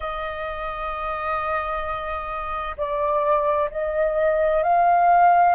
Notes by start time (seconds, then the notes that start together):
0.00 D#5
2.77 D5
3.70 D#5
4.63 F5